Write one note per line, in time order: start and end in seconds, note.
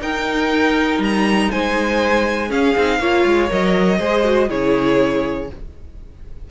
0.00 2.49 D#4
0.00 0.99 D#4
0.00 1.51 A#4
0.00 1.02 G5
0.99 1.49 G3
0.99 1.51 A#5
1.51 2.51 G#3
1.51 2.49 C5
1.51 2.51 G#5
2.49 2.74 C#4
2.49 2.76 C#4
2.49 2.99 G#4
2.49 3.51 F5
2.76 3.00 C4
2.76 3.02 D#4
3.00 3.25 A#3
3.00 3.49 F4
3.00 3.99 C#5
3.26 3.51 G#3
3.49 4.00 F#3
3.49 3.99 A#4
3.49 4.51 D#5
3.99 4.50 G#3
3.99 4.24 G#4
3.99 4.49 C5
4.24 4.49 F#4
4.49 5.50 C#3
4.49 5.49 E4
4.49 5.49 G#4
4.49 5.51 C#5